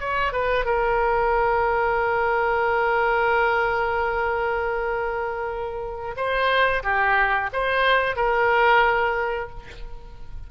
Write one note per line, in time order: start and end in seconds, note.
0.00 0.32 C#5
0.32 0.65 B4
0.65 6.15 A#4
6.16 6.83 C5
6.83 7.50 G4
7.53 8.16 C5
8.16 9.49 A#4